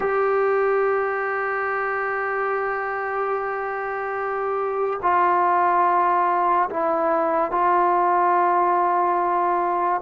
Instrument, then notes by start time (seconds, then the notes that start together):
trombone
0.00 G4
5.02 F4
6.70 E4
7.51 F4